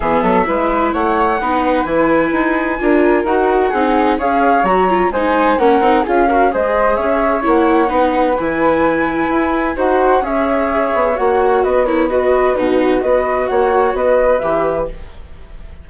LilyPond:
<<
  \new Staff \with { instrumentName = "flute" } { \time 4/4 \tempo 4 = 129 e''2 fis''2 | gis''2. fis''4~ | fis''4 f''4 ais''4 gis''4 | fis''4 f''4 dis''4 e''4 |
fis''2 gis''2~ | gis''4 fis''4 e''2 | fis''4 dis''8 cis''8 dis''4 b'4 | dis''4 fis''4 dis''4 e''4 | }
  \new Staff \with { instrumentName = "flute" } { \time 4/4 gis'8 a'8 b'4 cis''4 b'4~ | b'2 ais'2 | gis'4 cis''2 c''4 | ais'4 gis'8 ais'8 c''4 cis''4~ |
cis''4 b'2.~ | b'4 c''4 cis''2~ | cis''4 b'8 ais'8 b'4 fis'4 | b'4 cis''4 b'2 | }
  \new Staff \with { instrumentName = "viola" } { \time 4/4 b4 e'2 dis'4 | e'2 f'4 fis'4 | dis'4 gis'4 fis'8 f'8 dis'4 | cis'8 dis'8 f'8 fis'8 gis'2 |
e'4 dis'4 e'2~ | e'4 fis'4 gis'2 | fis'4. e'8 fis'4 dis'4 | fis'2. g'4 | }
  \new Staff \with { instrumentName = "bassoon" } { \time 4/4 e8 fis8 gis4 a4 b4 | e4 dis'4 d'4 dis'4 | c'4 cis'4 fis4 gis4 | ais8 c'8 cis'4 gis4 cis'4 |
ais4 b4 e2 | e'4 dis'4 cis'4. b8 | ais4 b2 b,4 | b4 ais4 b4 e4 | }
>>